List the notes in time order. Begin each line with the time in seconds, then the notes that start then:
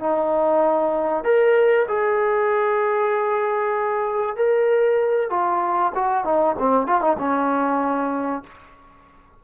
0.00 D#4
1.24 A#4
1.88 G#4
4.37 A#4
5.31 F4
5.95 F#4
6.25 D#4
6.59 C4
6.87 F4
7.02 D#4
7.19 C#4